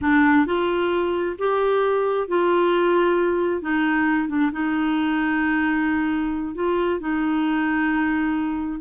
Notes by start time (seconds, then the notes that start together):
0.01 D4
0.46 F4
1.38 G4
2.27 F4
3.61 D#4
4.28 D4
4.52 D#4
6.54 F4
7.00 D#4